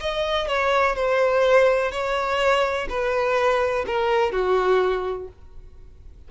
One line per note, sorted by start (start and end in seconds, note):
0.00 0.48 D#5
0.48 0.96 C#5
0.96 1.92 C5
1.92 2.88 C#5
2.90 3.86 B4
3.86 4.32 A#4
4.32 5.28 F#4